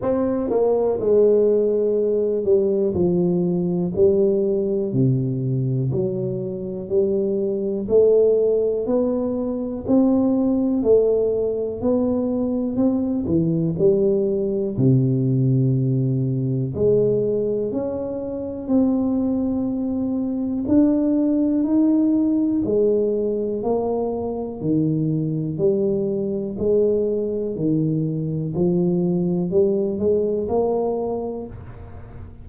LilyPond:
\new Staff \with { instrumentName = "tuba" } { \time 4/4 \tempo 4 = 61 c'8 ais8 gis4. g8 f4 | g4 c4 fis4 g4 | a4 b4 c'4 a4 | b4 c'8 e8 g4 c4~ |
c4 gis4 cis'4 c'4~ | c'4 d'4 dis'4 gis4 | ais4 dis4 g4 gis4 | dis4 f4 g8 gis8 ais4 | }